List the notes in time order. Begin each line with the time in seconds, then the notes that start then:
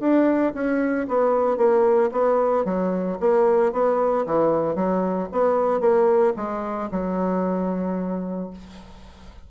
0.00 D4
0.54 C#4
1.08 B3
1.57 A#3
2.11 B3
2.65 F#3
3.20 A#3
3.72 B3
4.26 E3
4.75 F#3
5.32 B3
5.80 A#3
6.36 G#3
6.91 F#3